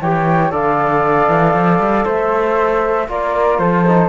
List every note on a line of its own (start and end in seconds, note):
0.00 0.51 E3
0.00 0.51 G4
0.00 0.52 C#5
0.00 0.52 G5
0.51 1.28 D3
0.51 3.07 A4
0.51 2.04 D5
0.51 2.06 F5
1.28 1.53 E3
1.53 1.79 F3
1.79 2.04 G3
2.04 3.07 A3
2.04 3.07 C5
2.04 3.09 E5
3.07 3.58 A#3
3.07 3.84 F4
3.07 3.60 A#4
3.07 3.58 D5
3.58 4.08 F3
3.58 4.08 A4
3.58 4.08 C5
3.87 4.08 D#4